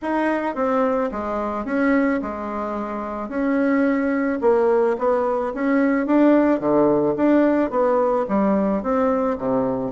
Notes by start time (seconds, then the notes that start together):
0.02 D#4
0.55 C4
1.11 G#3
1.65 C#4
2.22 G#3
3.29 C#4
4.41 A#3
4.98 B3
5.54 C#4
6.06 D4
6.60 D3
7.16 D4
7.70 B3
8.28 G3
8.82 C4
9.38 C3